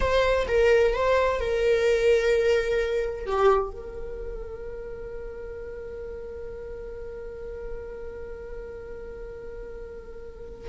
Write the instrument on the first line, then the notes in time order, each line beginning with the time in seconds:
viola
0.00 C5
0.47 A#4
0.93 C5
1.40 A#4
3.26 G4
3.71 A#4